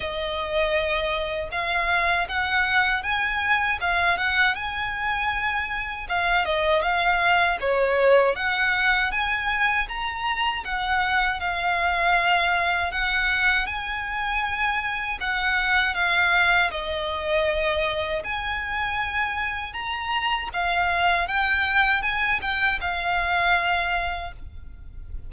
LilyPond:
\new Staff \with { instrumentName = "violin" } { \time 4/4 \tempo 4 = 79 dis''2 f''4 fis''4 | gis''4 f''8 fis''8 gis''2 | f''8 dis''8 f''4 cis''4 fis''4 | gis''4 ais''4 fis''4 f''4~ |
f''4 fis''4 gis''2 | fis''4 f''4 dis''2 | gis''2 ais''4 f''4 | g''4 gis''8 g''8 f''2 | }